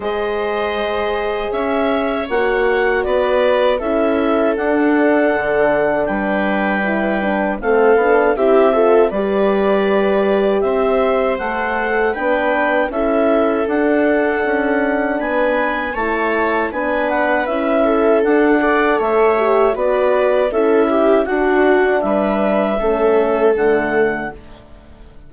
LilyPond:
<<
  \new Staff \with { instrumentName = "clarinet" } { \time 4/4 \tempo 4 = 79 dis''2 e''4 fis''4 | d''4 e''4 fis''2 | g''2 f''4 e''4 | d''2 e''4 fis''4 |
g''4 e''4 fis''2 | gis''4 a''4 gis''8 fis''8 e''4 | fis''4 e''4 d''4 e''4 | fis''4 e''2 fis''4 | }
  \new Staff \with { instrumentName = "viola" } { \time 4/4 c''2 cis''2 | b'4 a'2. | b'2 a'4 g'8 a'8 | b'2 c''2 |
b'4 a'2. | b'4 cis''4 b'4. a'8~ | a'8 d''8 cis''4 b'4 a'8 g'8 | fis'4 b'4 a'2 | }
  \new Staff \with { instrumentName = "horn" } { \time 4/4 gis'2. fis'4~ | fis'4 e'4 d'2~ | d'4 e'8 d'8 c'8 d'8 e'8 f'8 | g'2. a'4 |
d'4 e'4 d'2~ | d'4 e'4 d'4 e'4 | d'8 a'4 g'8 fis'4 e'4 | d'2 cis'4 a4 | }
  \new Staff \with { instrumentName = "bassoon" } { \time 4/4 gis2 cis'4 ais4 | b4 cis'4 d'4 d4 | g2 a8 b8 c'4 | g2 c'4 a4 |
b4 cis'4 d'4 cis'4 | b4 a4 b4 cis'4 | d'4 a4 b4 cis'4 | d'4 g4 a4 d4 | }
>>